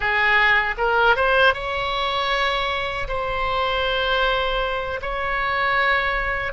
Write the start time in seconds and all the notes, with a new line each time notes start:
0.00 G#4
0.77 A#4
1.15 C5
1.53 C#5
3.08 C5
5.01 C#5